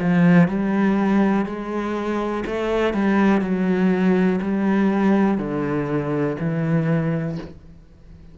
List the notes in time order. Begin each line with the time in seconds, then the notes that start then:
0.00 F3
0.48 G3
1.46 G#3
2.46 A3
2.94 G3
3.42 F#3
4.42 G3
5.38 D3
6.40 E3